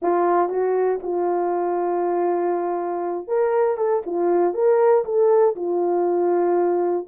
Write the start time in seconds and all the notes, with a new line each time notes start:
0.01 F4
0.49 F#4
1.02 F4
3.27 A#4
3.77 A4
4.06 F4
4.54 A#4
5.04 A4
5.55 F4